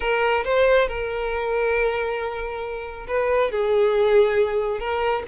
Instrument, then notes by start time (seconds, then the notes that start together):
violin
0.00 A#4
0.44 C5
0.87 A#4
3.07 B4
3.51 G#4
4.79 A#4